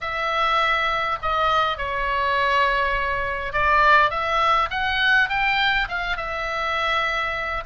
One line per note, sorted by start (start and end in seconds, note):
0.01 1.18 E5
1.22 1.77 D#5
1.77 3.53 C#5
3.53 4.10 D5
4.10 4.69 E5
4.70 5.29 F#5
5.29 5.87 G5
5.88 6.16 F5
6.16 7.63 E5